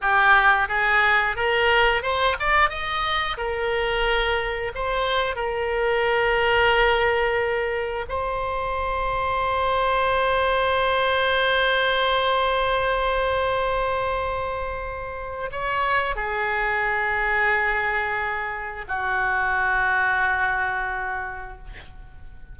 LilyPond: \new Staff \with { instrumentName = "oboe" } { \time 4/4 \tempo 4 = 89 g'4 gis'4 ais'4 c''8 d''8 | dis''4 ais'2 c''4 | ais'1 | c''1~ |
c''1~ | c''2. cis''4 | gis'1 | fis'1 | }